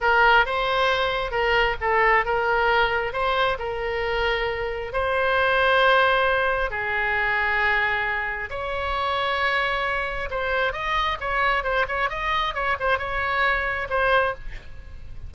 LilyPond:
\new Staff \with { instrumentName = "oboe" } { \time 4/4 \tempo 4 = 134 ais'4 c''2 ais'4 | a'4 ais'2 c''4 | ais'2. c''4~ | c''2. gis'4~ |
gis'2. cis''4~ | cis''2. c''4 | dis''4 cis''4 c''8 cis''8 dis''4 | cis''8 c''8 cis''2 c''4 | }